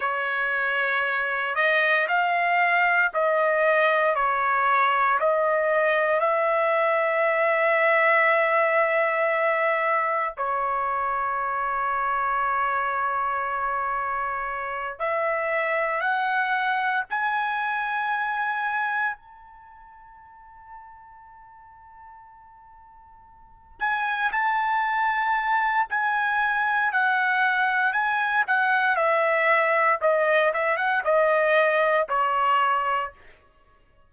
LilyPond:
\new Staff \with { instrumentName = "trumpet" } { \time 4/4 \tempo 4 = 58 cis''4. dis''8 f''4 dis''4 | cis''4 dis''4 e''2~ | e''2 cis''2~ | cis''2~ cis''8 e''4 fis''8~ |
fis''8 gis''2 a''4.~ | a''2. gis''8 a''8~ | a''4 gis''4 fis''4 gis''8 fis''8 | e''4 dis''8 e''16 fis''16 dis''4 cis''4 | }